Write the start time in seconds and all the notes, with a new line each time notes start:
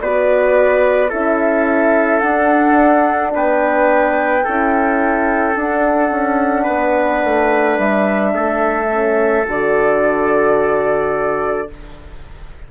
0.00 B3 F#4 B4 D5
1.09 C#4 E4 A4 E5
2.20 D4 F#5
3.34 B3 B4 G5
4.44 C#4 E4 A4
5.56 D4 F#5
6.11 C#4
6.63 B3 B4
7.24 A3
7.78 G3 E5
8.34 A3 A4
8.90 C#4
9.46 D3 F#4 D5